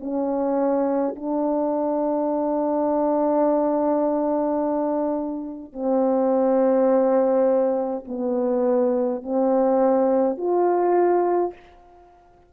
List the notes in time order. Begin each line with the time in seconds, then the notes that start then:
0.00 C#4
1.15 D4
5.73 C4
8.08 B3
9.23 C4
10.37 F4